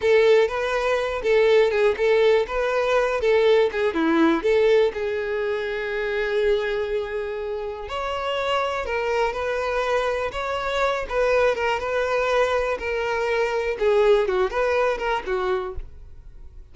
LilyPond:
\new Staff \with { instrumentName = "violin" } { \time 4/4 \tempo 4 = 122 a'4 b'4. a'4 gis'8 | a'4 b'4. a'4 gis'8 | e'4 a'4 gis'2~ | gis'1 |
cis''2 ais'4 b'4~ | b'4 cis''4. b'4 ais'8 | b'2 ais'2 | gis'4 fis'8 b'4 ais'8 fis'4 | }